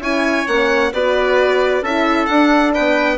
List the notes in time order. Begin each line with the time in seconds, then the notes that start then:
0.00 C#4 E4 C#5 G#5
0.47 A#3 C#4 F#5
0.92 B3 F#4 B4 D5
1.82 C#4 E4 A4 E5
2.26 D4 F#5
2.74 B3 B4 G5